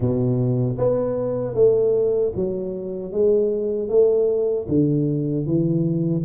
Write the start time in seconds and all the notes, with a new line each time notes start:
0.00 B2
0.78 B3
1.54 A3
2.35 F#3
3.12 G#3
3.89 A3
4.68 D3
5.46 E3